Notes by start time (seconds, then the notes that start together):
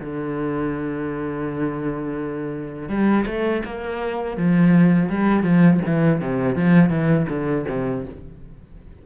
0.00 D3
2.88 G3
3.26 A3
3.65 A#3
4.37 F3
5.09 G3
5.43 F3
5.86 E3
6.21 C3
6.56 F3
6.89 E3
7.29 D3
7.69 C3